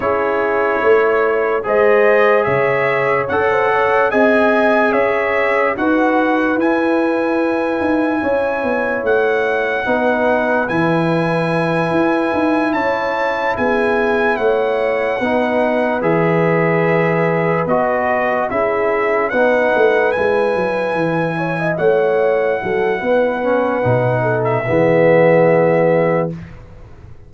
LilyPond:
<<
  \new Staff \with { instrumentName = "trumpet" } { \time 4/4 \tempo 4 = 73 cis''2 dis''4 e''4 | fis''4 gis''4 e''4 fis''4 | gis''2. fis''4~ | fis''4 gis''2~ gis''8 a''8~ |
a''8 gis''4 fis''2 e''8~ | e''4. dis''4 e''4 fis''8~ | fis''8 gis''2 fis''4.~ | fis''4.~ fis''16 e''2~ e''16 | }
  \new Staff \with { instrumentName = "horn" } { \time 4/4 gis'4 cis''4 c''4 cis''4~ | cis''16 c''16 cis''8 dis''4 cis''4 b'4~ | b'2 cis''2 | b'2.~ b'8 cis''8~ |
cis''8 gis'4 cis''4 b'4.~ | b'2~ b'8 gis'4 b'8~ | b'2 cis''16 dis''16 cis''4 a'8 | b'4. a'8 gis'2 | }
  \new Staff \with { instrumentName = "trombone" } { \time 4/4 e'2 gis'2 | a'4 gis'2 fis'4 | e'1 | dis'4 e'2.~ |
e'2~ e'8 dis'4 gis'8~ | gis'4. fis'4 e'4 dis'8~ | dis'8 e'2.~ e'8~ | e'8 cis'8 dis'4 b2 | }
  \new Staff \with { instrumentName = "tuba" } { \time 4/4 cis'4 a4 gis4 cis4 | cis'4 c'4 cis'4 dis'4 | e'4. dis'8 cis'8 b8 a4 | b4 e4. e'8 dis'8 cis'8~ |
cis'8 b4 a4 b4 e8~ | e4. b4 cis'4 b8 | a8 gis8 fis8 e4 a4 fis8 | b4 b,4 e2 | }
>>